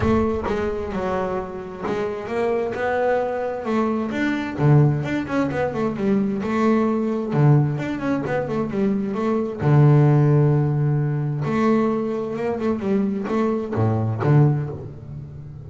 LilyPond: \new Staff \with { instrumentName = "double bass" } { \time 4/4 \tempo 4 = 131 a4 gis4 fis2 | gis4 ais4 b2 | a4 d'4 d4 d'8 cis'8 | b8 a8 g4 a2 |
d4 d'8 cis'8 b8 a8 g4 | a4 d2.~ | d4 a2 ais8 a8 | g4 a4 a,4 d4 | }